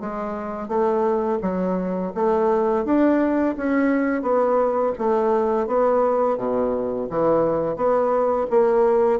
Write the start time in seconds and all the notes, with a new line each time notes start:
0.00 G#3
0.68 A3
1.41 F#3
2.14 A3
2.85 D4
3.57 C#4
4.22 B3
4.98 A3
5.67 B3
6.37 B2
7.09 E3
7.76 B3
8.50 A#3